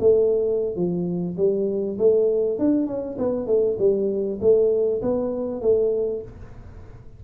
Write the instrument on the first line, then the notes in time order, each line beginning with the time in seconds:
tuba
0.00 A3
0.76 F3
1.37 G3
1.98 A3
2.59 D4
2.87 C#4
3.18 B3
3.47 A3
3.79 G3
4.41 A3
5.02 B3
5.62 A3